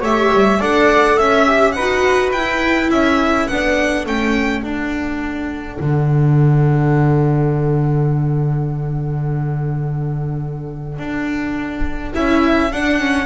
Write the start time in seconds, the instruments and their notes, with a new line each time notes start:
0.00 double bass A3, viola G4, flute C#5, violin E5
0.33 double bass G3
0.59 double bass D4, viola A4, flute D5, violin F#5
1.16 double bass C#4, flute E5, violin E5
1.45 viola G4
1.71 double bass D#4, flute B4, violin F#5
1.78 viola F#4
2.32 double bass E4, viola E4, violin G5
2.89 double bass C#4, flute A4, violin E5
3.47 double bass B3, viola D4, violin F#5
4.06 double bass A3, viola C#4, violin G5
4.62 double bass D4, viola D4, violin F#5
5.79 double bass D3
10.98 double bass D4
12.13 double bass C#4, viola E4, violin E5
12.71 double bass D4, viola D4, violin F#5
12.99 viola C#4